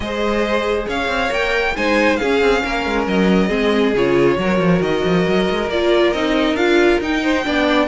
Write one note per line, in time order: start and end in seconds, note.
0.00 0.85 G#3
0.00 1.28 G#4
0.00 0.87 C5
0.00 0.87 D#5
0.87 1.07 C#4
0.87 1.75 C#5
0.87 1.33 F5
1.07 1.29 C4
1.28 1.75 A#3
1.28 1.72 A#4
1.28 1.76 G5
1.76 2.20 G#3
1.76 2.20 D#4
1.76 2.19 C5
1.76 2.16 G#5
2.16 3.49 C#4
2.16 2.40 C#4
2.16 2.63 G#4
2.16 3.04 F5
2.40 2.62 C4
2.63 2.85 A#3
2.63 3.47 A#4
2.85 3.06 G#3
3.06 3.50 F#3
3.06 3.95 D#5
3.47 3.93 G#3
3.47 3.93 C4
3.47 4.35 G#4
3.93 4.37 C#3
3.93 4.38 F4
3.93 4.82 C#5
4.37 4.58 F#3
4.37 5.69 F#4
4.37 7.23 A#4
4.58 4.80 F3
4.80 5.02 D#3
4.80 5.69 D#5
5.04 5.26 F3
5.27 5.49 F#3
5.50 5.68 G#3
5.68 6.12 A#3
5.68 6.15 F4
5.68 6.12 D5
6.12 6.53 C4
6.12 6.57 D#4
6.12 6.56 D#5
6.53 6.97 D4
6.53 7.01 F4
6.53 6.99 F5
6.99 7.43 D#4
6.99 7.44 D#4
6.99 7.87 G5
7.23 7.45 C5
7.44 7.87 B3
7.44 7.87 D4
7.44 7.87 D5